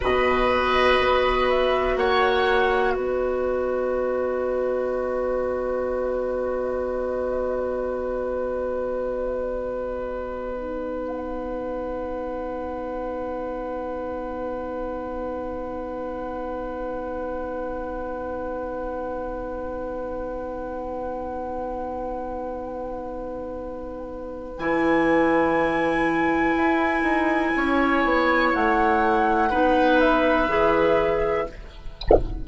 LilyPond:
<<
  \new Staff \with { instrumentName = "flute" } { \time 4/4 \tempo 4 = 61 dis''4. e''8 fis''4 dis''4~ | dis''1~ | dis''2.~ dis''16 fis''8.~ | fis''1~ |
fis''1~ | fis''1~ | fis''4 gis''2.~ | gis''4 fis''4. e''4. | }
  \new Staff \with { instrumentName = "oboe" } { \time 4/4 b'2 cis''4 b'4~ | b'1~ | b'1~ | b'1~ |
b'1~ | b'1~ | b'1 | cis''2 b'2 | }
  \new Staff \with { instrumentName = "clarinet" } { \time 4/4 fis'1~ | fis'1~ | fis'2~ fis'8. dis'4~ dis'16~ | dis'1~ |
dis'1~ | dis'1~ | dis'4 e'2.~ | e'2 dis'4 gis'4 | }
  \new Staff \with { instrumentName = "bassoon" } { \time 4/4 b,4 b4 ais4 b4~ | b1~ | b1~ | b1~ |
b1~ | b1~ | b4 e2 e'8 dis'8 | cis'8 b8 a4 b4 e4 | }
>>